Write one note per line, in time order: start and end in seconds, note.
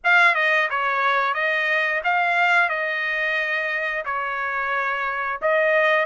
0.04 0.35 F5
0.35 0.68 D#5
0.70 1.34 C#5
1.34 2.01 D#5
2.04 2.69 F5
2.69 4.04 D#5
4.04 5.39 C#5
5.41 6.05 D#5